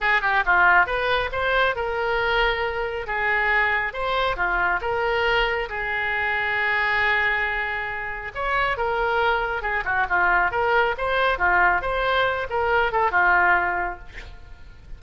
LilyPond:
\new Staff \with { instrumentName = "oboe" } { \time 4/4 \tempo 4 = 137 gis'8 g'8 f'4 b'4 c''4 | ais'2. gis'4~ | gis'4 c''4 f'4 ais'4~ | ais'4 gis'2.~ |
gis'2. cis''4 | ais'2 gis'8 fis'8 f'4 | ais'4 c''4 f'4 c''4~ | c''8 ais'4 a'8 f'2 | }